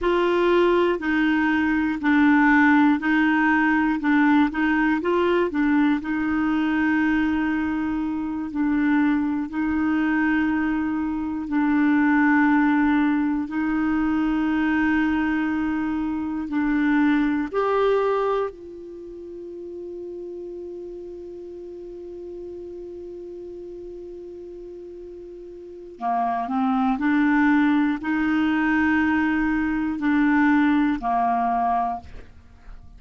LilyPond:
\new Staff \with { instrumentName = "clarinet" } { \time 4/4 \tempo 4 = 60 f'4 dis'4 d'4 dis'4 | d'8 dis'8 f'8 d'8 dis'2~ | dis'8 d'4 dis'2 d'8~ | d'4. dis'2~ dis'8~ |
dis'8 d'4 g'4 f'4.~ | f'1~ | f'2 ais8 c'8 d'4 | dis'2 d'4 ais4 | }